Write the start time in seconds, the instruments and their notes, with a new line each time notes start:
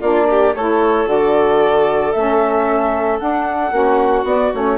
0.00 bassoon A#3, saxophone D4, violin F4, flute D5
0.30 violin G4
0.54 bassoon A3, saxophone E4, violin A4, flute C#5
1.06 bassoon D3, saxophone F#4, flute D5
2.12 bassoon A3, saxophone C#4, flute E5
3.20 saxophone D4, bassoon D4, flute F#5
3.71 bassoon A#3, saxophone C#4, violin F#4
4.24 bassoon B3, saxophone B3, flute D5
4.54 bassoon A3, saxophone C#4, flute C#5